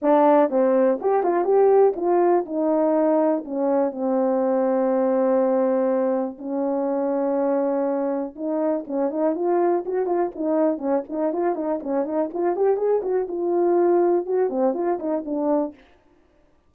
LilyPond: \new Staff \with { instrumentName = "horn" } { \time 4/4 \tempo 4 = 122 d'4 c'4 g'8 f'8 g'4 | f'4 dis'2 cis'4 | c'1~ | c'4 cis'2.~ |
cis'4 dis'4 cis'8 dis'8 f'4 | fis'8 f'8 dis'4 cis'8 dis'8 f'8 dis'8 | cis'8 dis'8 f'8 g'8 gis'8 fis'8 f'4~ | f'4 fis'8 c'8 f'8 dis'8 d'4 | }